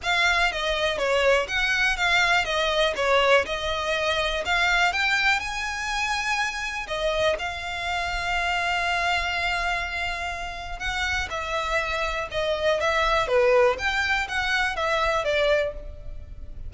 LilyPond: \new Staff \with { instrumentName = "violin" } { \time 4/4 \tempo 4 = 122 f''4 dis''4 cis''4 fis''4 | f''4 dis''4 cis''4 dis''4~ | dis''4 f''4 g''4 gis''4~ | gis''2 dis''4 f''4~ |
f''1~ | f''2 fis''4 e''4~ | e''4 dis''4 e''4 b'4 | g''4 fis''4 e''4 d''4 | }